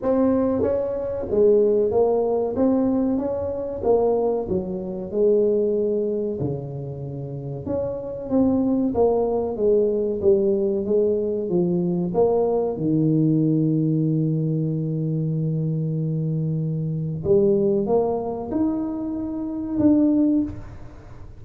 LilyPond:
\new Staff \with { instrumentName = "tuba" } { \time 4/4 \tempo 4 = 94 c'4 cis'4 gis4 ais4 | c'4 cis'4 ais4 fis4 | gis2 cis2 | cis'4 c'4 ais4 gis4 |
g4 gis4 f4 ais4 | dis1~ | dis2. g4 | ais4 dis'2 d'4 | }